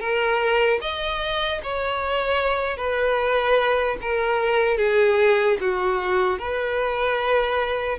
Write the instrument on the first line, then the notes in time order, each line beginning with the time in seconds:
violin
0.00 A#4
0.81 D#5
1.63 C#5
2.77 B4
4.02 A#4
4.78 G#4
5.61 F#4
6.39 B4